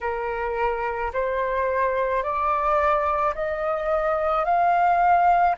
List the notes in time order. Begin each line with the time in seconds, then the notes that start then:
0.01 A#4
1.13 C5
2.23 D5
3.34 D#5
4.44 F5